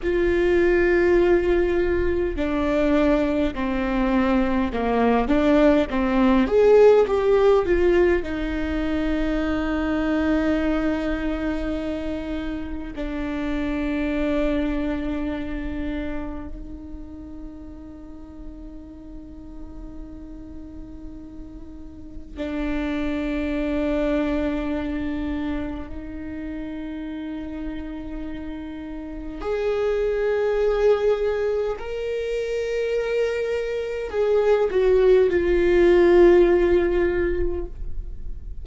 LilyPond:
\new Staff \with { instrumentName = "viola" } { \time 4/4 \tempo 4 = 51 f'2 d'4 c'4 | ais8 d'8 c'8 gis'8 g'8 f'8 dis'4~ | dis'2. d'4~ | d'2 dis'2~ |
dis'2. d'4~ | d'2 dis'2~ | dis'4 gis'2 ais'4~ | ais'4 gis'8 fis'8 f'2 | }